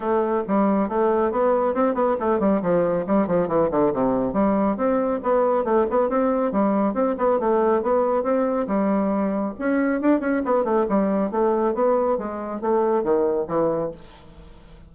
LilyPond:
\new Staff \with { instrumentName = "bassoon" } { \time 4/4 \tempo 4 = 138 a4 g4 a4 b4 | c'8 b8 a8 g8 f4 g8 f8 | e8 d8 c4 g4 c'4 | b4 a8 b8 c'4 g4 |
c'8 b8 a4 b4 c'4 | g2 cis'4 d'8 cis'8 | b8 a8 g4 a4 b4 | gis4 a4 dis4 e4 | }